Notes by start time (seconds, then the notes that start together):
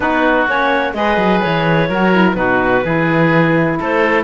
0.00 B3 D#4 F#4 B4
0.47 A#3 C#4 C#5
0.93 G#3 G#4 B4 D#5
1.17 F#3
1.41 E3 C#5
1.88 F#3 F#4 A#4
2.12 E4
2.33 B2 D#4 F#4 B4
2.84 E3 E4 G#4
3.79 A3 A4 C5